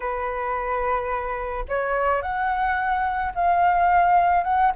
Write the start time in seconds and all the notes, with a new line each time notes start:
0.00 B4
1.68 C#5
2.21 F#5
3.35 F5
4.43 F#5